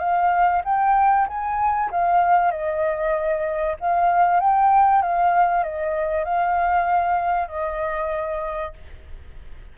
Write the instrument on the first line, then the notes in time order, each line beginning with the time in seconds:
flute
0.00 F5
0.65 G5
1.28 G#5
1.91 F5
2.52 D#5
3.80 F5
4.40 G5
5.02 F5
5.64 D#5
6.25 F5
7.49 D#5